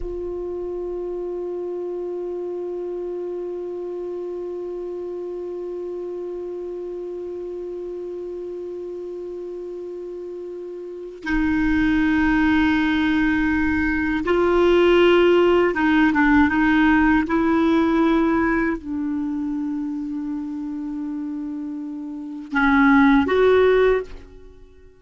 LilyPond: \new Staff \with { instrumentName = "clarinet" } { \time 4/4 \tempo 4 = 80 f'1~ | f'1~ | f'1~ | f'2. dis'4~ |
dis'2. f'4~ | f'4 dis'8 d'8 dis'4 e'4~ | e'4 d'2.~ | d'2 cis'4 fis'4 | }